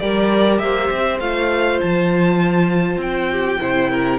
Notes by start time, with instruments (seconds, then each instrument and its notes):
0.00 cello G3, viola G4, violin A#4 D5
0.59 cello A#3, violin C5 E5
0.91 cello C4
1.21 cello A3, viola F4, violin F5
1.81 cello F3, violin A5
2.98 cello C4, violin G5
3.31 violin G4
3.60 cello C3, viola E4, violin C5
3.91 violin A#4